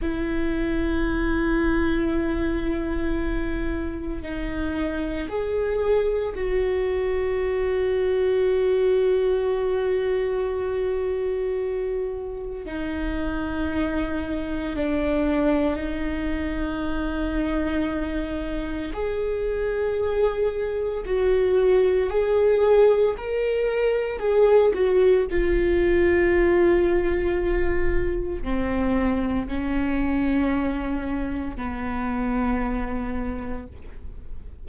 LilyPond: \new Staff \with { instrumentName = "viola" } { \time 4/4 \tempo 4 = 57 e'1 | dis'4 gis'4 fis'2~ | fis'1 | dis'2 d'4 dis'4~ |
dis'2 gis'2 | fis'4 gis'4 ais'4 gis'8 fis'8 | f'2. c'4 | cis'2 b2 | }